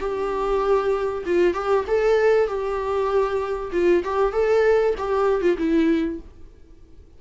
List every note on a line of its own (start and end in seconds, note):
0.00 1.24 G4
1.25 1.54 F4
1.54 1.85 G4
1.87 2.47 A4
2.47 3.71 G4
3.72 4.03 F4
4.04 4.32 G4
4.32 4.94 A4
4.98 5.41 G4
5.41 5.56 F4
5.58 6.19 E4